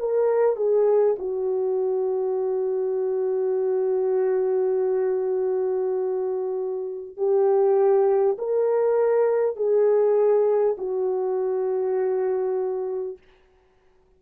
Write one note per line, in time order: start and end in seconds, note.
0.00 0.57 A#4
0.57 1.17 G#4
1.19 7.17 F#4
7.17 8.37 G4
8.39 9.57 A#4
9.57 10.77 G#4
10.78 13.18 F#4